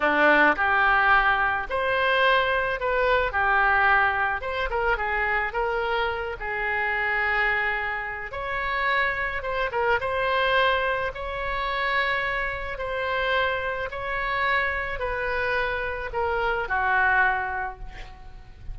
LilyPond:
\new Staff \with { instrumentName = "oboe" } { \time 4/4 \tempo 4 = 108 d'4 g'2 c''4~ | c''4 b'4 g'2 | c''8 ais'8 gis'4 ais'4. gis'8~ | gis'2. cis''4~ |
cis''4 c''8 ais'8 c''2 | cis''2. c''4~ | c''4 cis''2 b'4~ | b'4 ais'4 fis'2 | }